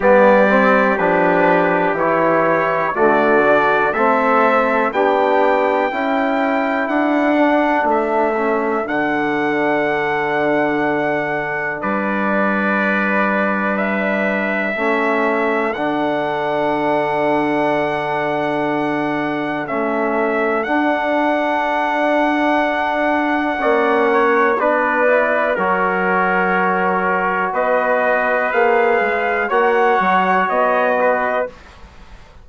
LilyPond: <<
  \new Staff \with { instrumentName = "trumpet" } { \time 4/4 \tempo 4 = 61 d''4 b'4 cis''4 d''4 | e''4 g''2 fis''4 | e''4 fis''2. | d''2 e''2 |
fis''1 | e''4 fis''2.~ | fis''4 d''4 cis''2 | dis''4 f''4 fis''4 dis''4 | }
  \new Staff \with { instrumentName = "trumpet" } { \time 4/4 g'2. fis'4 | a'4 g'4 a'2~ | a'1 | b'2. a'4~ |
a'1~ | a'1 | d''8 cis''8 b'4 ais'2 | b'2 cis''4. b'8 | }
  \new Staff \with { instrumentName = "trombone" } { \time 4/4 b8 c'8 d'4 e'4 a8 d'8 | c'4 d'4 e'4. d'8~ | d'8 cis'8 d'2.~ | d'2. cis'4 |
d'1 | cis'4 d'2. | cis'4 d'8 e'8 fis'2~ | fis'4 gis'4 fis'2 | }
  \new Staff \with { instrumentName = "bassoon" } { \time 4/4 g4 f4 e4 d4 | a4 b4 cis'4 d'4 | a4 d2. | g2. a4 |
d1 | a4 d'2. | ais4 b4 fis2 | b4 ais8 gis8 ais8 fis8 b4 | }
>>